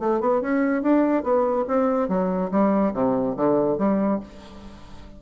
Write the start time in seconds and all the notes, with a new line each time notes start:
0.00 A3
0.21 B3
0.41 C#4
0.83 D4
1.23 B3
1.68 C4
2.09 F#3
2.52 G3
2.94 C3
3.37 D3
3.78 G3